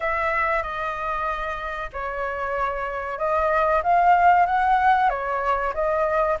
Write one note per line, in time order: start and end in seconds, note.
0.00 0.62 E5
0.62 1.90 D#5
1.92 3.18 C#5
3.18 3.82 D#5
3.83 4.45 F5
4.45 5.09 F#5
5.09 5.73 C#5
5.74 6.37 D#5